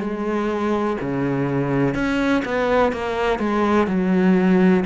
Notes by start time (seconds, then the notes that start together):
0.00 G#3
1.01 C#3
1.94 C#4
2.45 B3
2.92 A#3
3.39 G#3
3.87 F#3